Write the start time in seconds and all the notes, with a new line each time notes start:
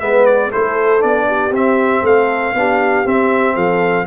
0.00 G#3 B3 B4 E5
0.26 D5
0.50 A3 E4 A4 C5
1.00 B3 D4 D5
1.28 G4
1.51 C4 E5
2.03 A3 A4 F5
2.54 B3 D4 G4
3.05 C4 E5
3.55 F3 A4 F5